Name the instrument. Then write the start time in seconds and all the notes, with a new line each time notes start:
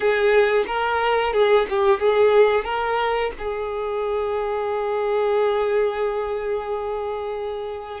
violin
0.00 G#4
0.66 A#4
1.33 G#4
1.69 G4
2.00 G#4
2.64 A#4
3.38 G#4